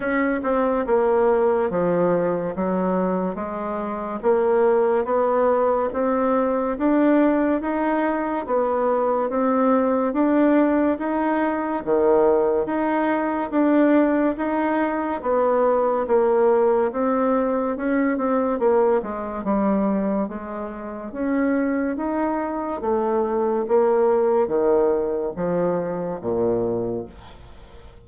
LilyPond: \new Staff \with { instrumentName = "bassoon" } { \time 4/4 \tempo 4 = 71 cis'8 c'8 ais4 f4 fis4 | gis4 ais4 b4 c'4 | d'4 dis'4 b4 c'4 | d'4 dis'4 dis4 dis'4 |
d'4 dis'4 b4 ais4 | c'4 cis'8 c'8 ais8 gis8 g4 | gis4 cis'4 dis'4 a4 | ais4 dis4 f4 ais,4 | }